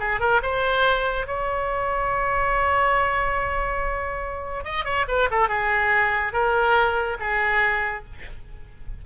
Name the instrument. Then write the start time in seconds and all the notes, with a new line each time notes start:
oboe
0.00 G#4
0.21 A#4
0.43 C5
1.28 C#5
4.65 D#5
4.85 C#5
5.08 B4
5.31 A4
5.49 G#4
6.33 A#4
7.20 G#4